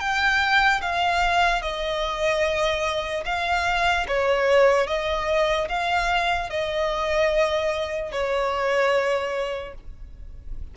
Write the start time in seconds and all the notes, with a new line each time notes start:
0.00 G5
0.81 F5
1.62 D#5
3.25 F5
4.08 C#5
4.87 D#5
5.69 F5
6.50 D#5
8.12 C#5